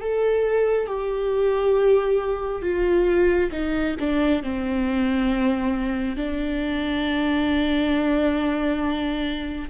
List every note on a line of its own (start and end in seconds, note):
0.00 0.87 A4
0.87 2.62 G4
2.62 3.51 F4
3.52 3.96 D#4
3.99 4.43 D4
4.43 6.16 C4
6.16 9.69 D4